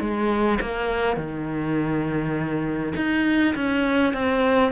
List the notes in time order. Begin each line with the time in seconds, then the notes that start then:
0.00 G#3
0.61 A#3
1.17 D#3
2.96 D#4
3.55 C#4
4.13 C4